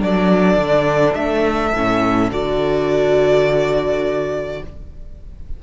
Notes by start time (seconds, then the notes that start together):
0.00 F#3 D4 A4 D5
0.57 D3
1.15 A3 E5
1.74 A2 C#4
2.31 D3 F#4 D5